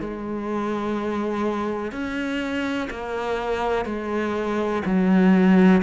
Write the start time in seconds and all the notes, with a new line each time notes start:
0.00 G#3
1.92 C#4
2.90 A#3
3.85 G#3
4.85 F#3